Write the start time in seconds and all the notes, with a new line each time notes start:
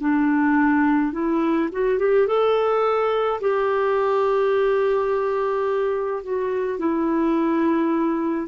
0.00 D4
1.12 E4
1.72 F#4
1.99 G4
2.27 A4
3.41 G4
6.23 F#4
6.79 E4